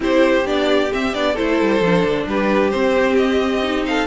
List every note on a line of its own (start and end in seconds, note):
0.00 0.44 C4
0.00 0.44 E4
0.00 1.33 G4
0.00 0.47 C5
0.45 0.90 B3
0.45 0.90 D4
0.45 0.92 D5
0.90 1.13 C4
0.90 1.14 C4
0.90 1.14 E5
1.13 1.37 B3
1.13 1.36 D4
1.13 1.36 D5
1.33 1.61 A3
1.33 1.82 E4
1.33 2.24 A4
1.33 2.27 C5
1.61 1.80 G3
1.80 2.03 F3
1.80 2.72 D4
2.04 2.26 D3
2.27 2.72 G3
2.27 3.87 G4
2.27 2.70 B4
2.70 3.63 C4
2.70 4.06 C4
2.70 3.16 C5
3.16 3.85 D#5
3.63 4.06 D#4
3.85 4.06 A4
3.85 4.06 F5